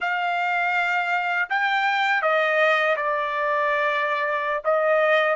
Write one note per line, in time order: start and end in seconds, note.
0.00 1.48 F5
1.49 2.22 G5
2.22 2.96 D#5
2.96 4.63 D5
4.64 5.35 D#5